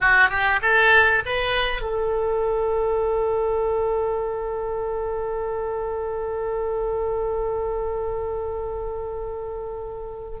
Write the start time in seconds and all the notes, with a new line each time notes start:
0.00 F#4
0.29 G4
0.62 A4
1.26 B4
1.81 A4